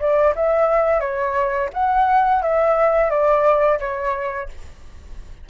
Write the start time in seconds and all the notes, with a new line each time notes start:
0.00 D5
0.36 E5
1.01 C#5
1.74 F#5
2.43 E5
3.11 D5
3.80 C#5